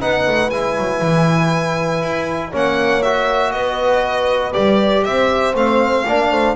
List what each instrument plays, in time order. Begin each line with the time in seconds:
0.00 double bass B3, trombone D#4, horn B4, violin F#5
0.27 double bass A3
0.50 double bass G#3, trombone E4, violin G#5
0.77 double bass F#3
1.02 double bass E3
2.01 double bass E4
2.50 double bass A#3, trombone C#4, horn C#5
2.56 violin F#5
3.02 trombone F#4, violin E5
3.51 double bass B3, horn B4, violin D#5
4.52 double bass G3, trombone G4, violin D5
5.04 double bass C4, horn C5, violin E5
5.54 double bass A3, trombone C4, violin F5
6.07 double bass A#3, trombone D4, horn D5
6.31 double bass A3, horn C5